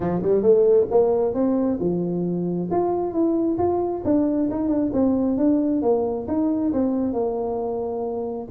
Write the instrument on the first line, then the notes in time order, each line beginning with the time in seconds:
tuba
0.00 F3
0.22 G3
0.42 A3
0.90 A#3
1.34 C4
1.79 F3
2.70 F4
3.12 E4
3.57 F4
4.04 D4
4.50 D#4
4.68 D4
4.93 C4
5.37 D4
5.81 A#3
6.27 D#4
6.72 C4
7.13 A#3